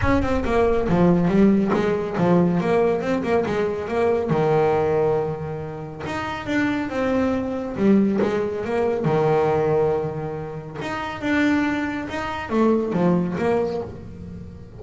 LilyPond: \new Staff \with { instrumentName = "double bass" } { \time 4/4 \tempo 4 = 139 cis'8 c'8 ais4 f4 g4 | gis4 f4 ais4 c'8 ais8 | gis4 ais4 dis2~ | dis2 dis'4 d'4 |
c'2 g4 gis4 | ais4 dis2.~ | dis4 dis'4 d'2 | dis'4 a4 f4 ais4 | }